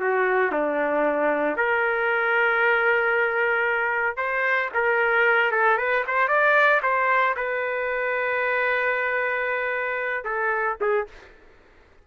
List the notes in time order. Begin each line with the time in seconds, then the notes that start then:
0.00 F#4
0.52 D4
1.57 A#4
4.17 C5
4.74 A#4
5.52 A4
5.78 B4
6.08 C5
6.29 D5
6.83 C5
7.37 B4
10.25 A4
10.81 G#4